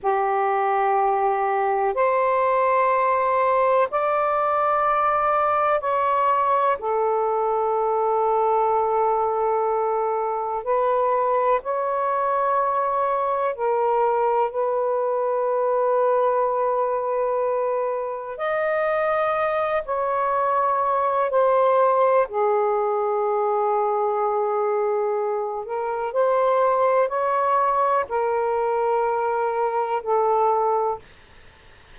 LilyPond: \new Staff \with { instrumentName = "saxophone" } { \time 4/4 \tempo 4 = 62 g'2 c''2 | d''2 cis''4 a'4~ | a'2. b'4 | cis''2 ais'4 b'4~ |
b'2. dis''4~ | dis''8 cis''4. c''4 gis'4~ | gis'2~ gis'8 ais'8 c''4 | cis''4 ais'2 a'4 | }